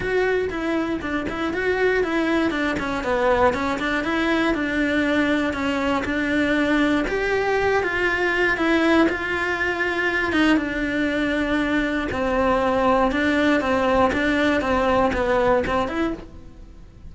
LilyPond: \new Staff \with { instrumentName = "cello" } { \time 4/4 \tempo 4 = 119 fis'4 e'4 d'8 e'8 fis'4 | e'4 d'8 cis'8 b4 cis'8 d'8 | e'4 d'2 cis'4 | d'2 g'4. f'8~ |
f'4 e'4 f'2~ | f'8 dis'8 d'2. | c'2 d'4 c'4 | d'4 c'4 b4 c'8 e'8 | }